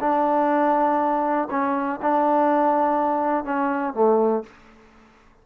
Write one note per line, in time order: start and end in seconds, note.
0.00 1.49 D4
1.51 2.00 C#4
2.02 3.45 D4
3.45 3.94 C#4
3.94 4.44 A3